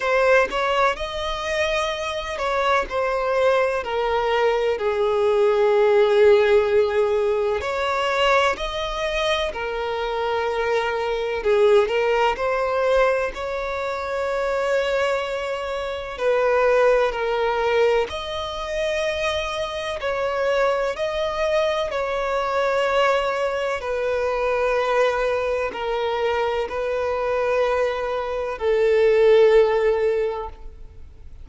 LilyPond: \new Staff \with { instrumentName = "violin" } { \time 4/4 \tempo 4 = 63 c''8 cis''8 dis''4. cis''8 c''4 | ais'4 gis'2. | cis''4 dis''4 ais'2 | gis'8 ais'8 c''4 cis''2~ |
cis''4 b'4 ais'4 dis''4~ | dis''4 cis''4 dis''4 cis''4~ | cis''4 b'2 ais'4 | b'2 a'2 | }